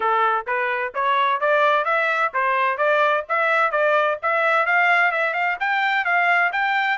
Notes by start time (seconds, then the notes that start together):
0.00 A4
0.46 B4
0.94 C#5
1.40 D5
1.85 E5
2.33 C5
2.77 D5
3.29 E5
3.71 D5
4.22 E5
4.66 F5
5.11 E5
5.33 F5
5.59 G5
6.04 F5
6.52 G5